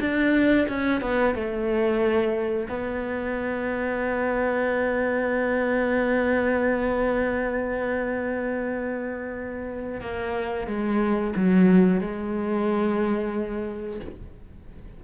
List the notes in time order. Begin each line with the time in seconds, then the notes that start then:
0.00 D4
0.68 C#4
1.01 B3
1.35 A3
2.68 B3
10.01 A#3
10.67 G#3
11.36 F#3
12.00 G#3